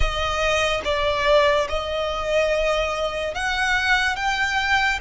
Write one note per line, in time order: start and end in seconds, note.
0.00 0.81 D#5
0.84 1.67 D5
1.68 3.34 D#5
3.34 4.16 F#5
4.16 4.99 G5